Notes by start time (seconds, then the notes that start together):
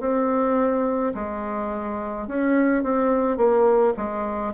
0.00 C4
1.14 G#3
2.27 C#4
2.83 C4
3.37 A#3
3.96 G#3